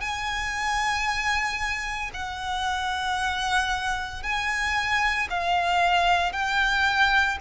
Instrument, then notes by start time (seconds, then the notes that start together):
violin
0.00 G#5
2.13 F#5
4.22 G#5
5.30 F5
6.32 G5